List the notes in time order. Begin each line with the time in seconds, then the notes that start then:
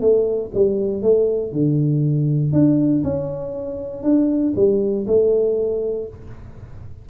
0.00 A3
0.54 G3
1.02 A3
1.52 D3
2.52 D4
3.03 C#4
4.02 D4
4.55 G3
5.06 A3